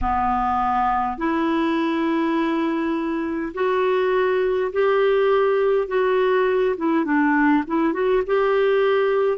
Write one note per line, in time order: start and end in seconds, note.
0.01 1.17 B3
1.17 3.52 E4
3.53 4.71 F#4
4.72 5.87 G4
5.87 6.75 F#4
6.76 7.04 E4
7.04 7.63 D4
7.67 7.93 E4
7.93 8.22 F#4
8.26 9.37 G4